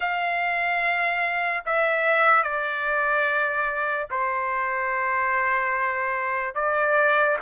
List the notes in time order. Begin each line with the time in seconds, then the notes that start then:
0.00 F5
1.65 E5
2.42 D5
4.10 C5
6.55 D5